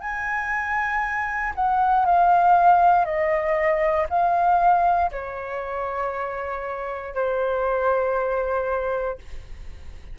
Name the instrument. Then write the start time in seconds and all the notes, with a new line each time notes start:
flute
0.00 G#5
1.55 F#5
2.06 F5
3.05 D#5
4.09 F5
5.11 C#5
7.15 C5